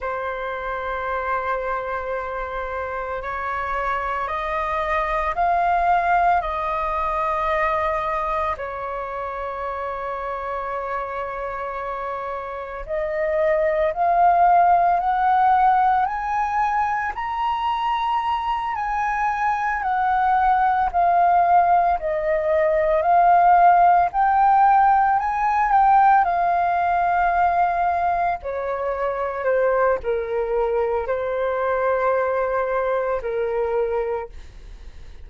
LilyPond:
\new Staff \with { instrumentName = "flute" } { \time 4/4 \tempo 4 = 56 c''2. cis''4 | dis''4 f''4 dis''2 | cis''1 | dis''4 f''4 fis''4 gis''4 |
ais''4. gis''4 fis''4 f''8~ | f''8 dis''4 f''4 g''4 gis''8 | g''8 f''2 cis''4 c''8 | ais'4 c''2 ais'4 | }